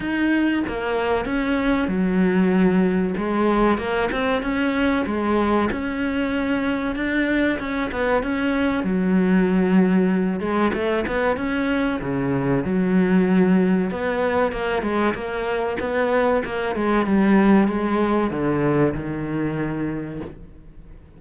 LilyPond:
\new Staff \with { instrumentName = "cello" } { \time 4/4 \tempo 4 = 95 dis'4 ais4 cis'4 fis4~ | fis4 gis4 ais8 c'8 cis'4 | gis4 cis'2 d'4 | cis'8 b8 cis'4 fis2~ |
fis8 gis8 a8 b8 cis'4 cis4 | fis2 b4 ais8 gis8 | ais4 b4 ais8 gis8 g4 | gis4 d4 dis2 | }